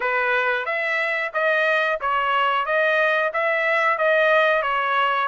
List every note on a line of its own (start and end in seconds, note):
0.00 0.65 B4
0.65 1.31 E5
1.33 1.99 D#5
2.00 2.65 C#5
2.65 3.31 D#5
3.33 3.97 E5
3.97 4.62 D#5
4.62 5.28 C#5